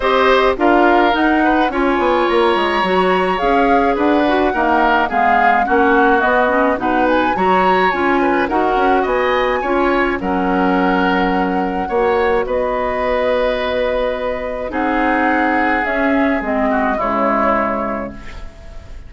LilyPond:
<<
  \new Staff \with { instrumentName = "flute" } { \time 4/4 \tempo 4 = 106 dis''4 f''4 fis''4 gis''4 | ais''2 f''4 fis''4~ | fis''4 f''4 fis''4 dis''4 | fis''8 gis''8 ais''4 gis''4 fis''4 |
gis''2 fis''2~ | fis''2 dis''2~ | dis''2 fis''2 | e''4 dis''4 cis''2 | }
  \new Staff \with { instrumentName = "oboe" } { \time 4/4 c''4 ais'4. b'8 cis''4~ | cis''2. b'4 | ais'4 gis'4 fis'2 | b'4 cis''4. b'8 ais'4 |
dis''4 cis''4 ais'2~ | ais'4 cis''4 b'2~ | b'2 gis'2~ | gis'4. fis'8 e'2 | }
  \new Staff \with { instrumentName = "clarinet" } { \time 4/4 g'4 f'4 dis'4 f'4~ | f'4 fis'4 gis'4. fis'8 | ais4 b4 cis'4 b8 cis'8 | dis'4 fis'4 f'4 fis'4~ |
fis'4 f'4 cis'2~ | cis'4 fis'2.~ | fis'2 dis'2 | cis'4 c'4 gis2 | }
  \new Staff \with { instrumentName = "bassoon" } { \time 4/4 c'4 d'4 dis'4 cis'8 b8 | ais8 gis8 fis4 cis'4 d'4 | dis'4 gis4 ais4 b4 | b,4 fis4 cis'4 dis'8 cis'8 |
b4 cis'4 fis2~ | fis4 ais4 b2~ | b2 c'2 | cis'4 gis4 cis2 | }
>>